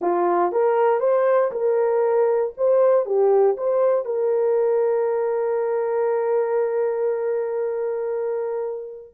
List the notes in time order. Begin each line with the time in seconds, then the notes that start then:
0.01 F4
0.52 A#4
1.00 C5
1.51 A#4
2.57 C5
3.05 G4
3.57 C5
4.05 A#4